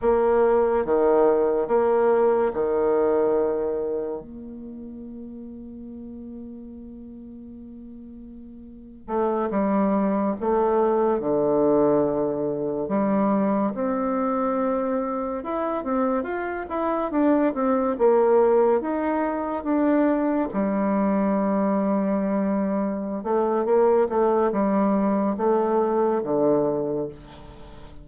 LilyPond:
\new Staff \with { instrumentName = "bassoon" } { \time 4/4 \tempo 4 = 71 ais4 dis4 ais4 dis4~ | dis4 ais2.~ | ais2~ ais8. a8 g8.~ | g16 a4 d2 g8.~ |
g16 c'2 e'8 c'8 f'8 e'16~ | e'16 d'8 c'8 ais4 dis'4 d'8.~ | d'16 g2.~ g16 a8 | ais8 a8 g4 a4 d4 | }